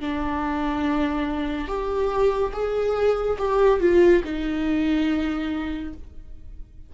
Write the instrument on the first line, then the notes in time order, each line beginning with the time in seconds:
viola
0.00 D4
1.68 G4
2.53 G#4
3.38 G4
3.80 F4
4.24 D#4